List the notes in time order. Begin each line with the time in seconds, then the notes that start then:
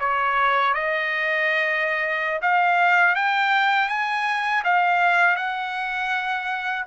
0.00 C#5
0.74 D#5
2.42 F5
3.15 G5
3.89 G#5
4.64 F5
5.36 F#5